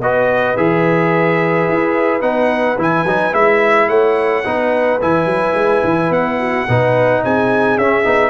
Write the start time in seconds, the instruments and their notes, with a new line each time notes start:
0.00 tuba B3, trombone F#4, horn B4, trumpet D#5
0.57 tuba E3, trombone G#4, trumpet E5
1.69 tuba E4
2.22 tuba B3, trombone D#4, trumpet F#5
2.78 tuba E3, trombone E4, trumpet G#5
3.05 tuba F#3, trombone D#4
3.33 tuba G#3, trombone E4, trumpet E5
3.89 tuba A3, horn C#5, trumpet F#5
4.45 tuba B3, trombone D#4, horn B4
5.02 tuba E3, trombone E4, trumpet G#5
5.26 tuba F#3
5.54 tuba G#3
5.84 tuba E3
6.11 tuba B3, trumpet F#5
6.40 horn F#4
6.68 tuba B2, trombone D#4, horn B4
7.24 tuba C4, horn G#4, trumpet G#5
7.78 tuba C#4, trombone C#4, trumpet E5
8.05 tuba B3, trombone D#4